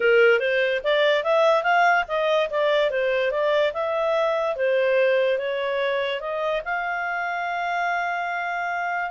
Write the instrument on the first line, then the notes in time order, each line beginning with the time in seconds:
clarinet
0.00 A#4
0.39 C5
0.83 D5
1.23 E5
1.63 F5
2.08 D#5
2.50 D5
2.90 C5
3.31 D5
3.73 E5
4.56 C5
5.38 C#5
6.20 D#5
6.64 F5